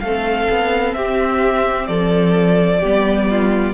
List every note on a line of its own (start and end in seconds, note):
0.00 0.48 A3
0.00 2.83 C4
0.00 0.96 A4
0.00 0.93 F5
0.50 0.95 B3
0.93 1.88 C4
0.93 1.88 G4
0.93 1.86 E5
1.86 2.82 F3
1.86 2.79 A4
1.86 3.74 D5
2.79 3.74 G3
2.79 3.74 B3
2.79 3.26 G4
3.30 3.74 F4